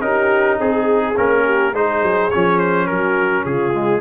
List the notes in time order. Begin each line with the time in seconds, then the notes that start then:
0.00 C#4 D#4 G4 A#4
0.59 C4 G#4
1.16 A#3 C#4 A#4
1.45 G4
1.73 G#3 D#4 G#4 C5
2.02 F#3
2.30 F3 C#4 C#5
2.59 C5
2.87 F#3 F#4 A#4
3.45 C#3 F4 G#4
3.73 G#3